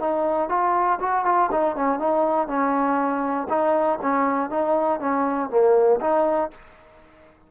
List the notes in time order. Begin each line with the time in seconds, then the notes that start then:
0.00 D#4
0.49 F4
1.00 F#4
1.25 F4
1.52 D#4
1.76 C#4
1.99 D#4
2.48 C#4
3.50 D#4
4.02 C#4
4.50 D#4
5.00 C#4
5.50 A#3
6.01 D#4